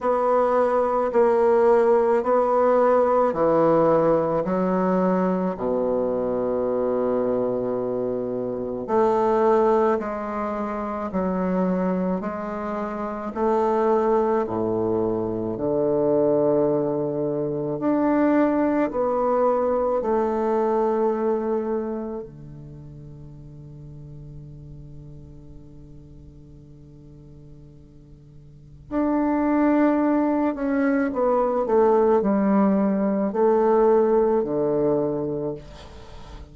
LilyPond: \new Staff \with { instrumentName = "bassoon" } { \time 4/4 \tempo 4 = 54 b4 ais4 b4 e4 | fis4 b,2. | a4 gis4 fis4 gis4 | a4 a,4 d2 |
d'4 b4 a2 | d1~ | d2 d'4. cis'8 | b8 a8 g4 a4 d4 | }